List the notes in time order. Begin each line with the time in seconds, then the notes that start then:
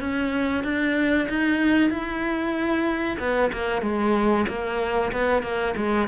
0.00 C#4
0.64 D4
1.29 D#4
1.89 E4
3.19 B3
3.53 A#3
3.82 G#3
4.48 A#3
5.12 B3
5.43 A#3
5.76 G#3